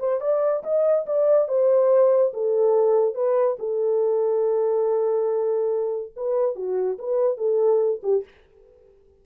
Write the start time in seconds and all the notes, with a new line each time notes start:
0.00 C5
0.21 D5
0.64 D#5
1.07 D5
1.48 C5
2.34 A4
3.15 B4
3.59 A4
6.17 B4
6.56 F#4
6.99 B4
7.38 A4
8.03 G4